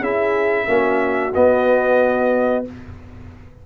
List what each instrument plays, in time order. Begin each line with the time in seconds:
0.00 tuba C#4, trombone E4, horn G#4, trumpet E5
0.67 tuba A#3, trombone C#4, horn F#4
1.34 trombone B3, tuba B3, trumpet D#5